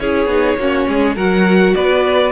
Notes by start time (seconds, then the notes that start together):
0.00 C#4 E4 G#4 C#5
0.27 B3 D#4
0.58 A#3 C#4 F#4
0.88 G#3 G#4
1.16 F#3 F#4 A#4 F#5
1.75 B3 B4 D5